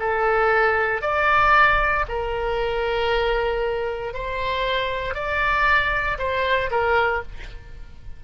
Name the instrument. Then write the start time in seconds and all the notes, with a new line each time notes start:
oboe
0.00 A4
1.02 D5
2.09 A#4
4.14 C5
5.15 D5
6.19 C5
6.71 A#4